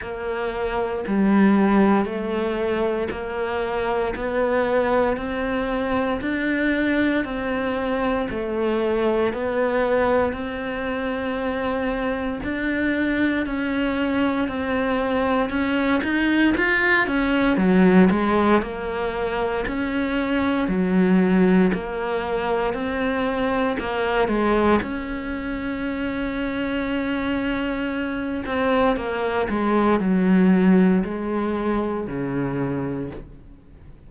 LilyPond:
\new Staff \with { instrumentName = "cello" } { \time 4/4 \tempo 4 = 58 ais4 g4 a4 ais4 | b4 c'4 d'4 c'4 | a4 b4 c'2 | d'4 cis'4 c'4 cis'8 dis'8 |
f'8 cis'8 fis8 gis8 ais4 cis'4 | fis4 ais4 c'4 ais8 gis8 | cis'2.~ cis'8 c'8 | ais8 gis8 fis4 gis4 cis4 | }